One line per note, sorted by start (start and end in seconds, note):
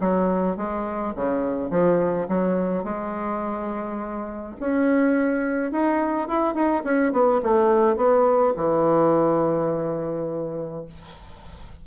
0.00 0.57 F#3
0.57 1.14 G#3
1.16 1.71 C#3
1.71 2.28 F3
2.28 2.84 F#3
2.84 4.55 G#3
4.60 5.71 C#4
5.71 6.28 D#4
6.28 6.54 E4
6.54 6.83 D#4
6.84 7.12 C#4
7.12 7.41 B3
7.43 7.96 A3
7.96 8.54 B3
8.56 10.85 E3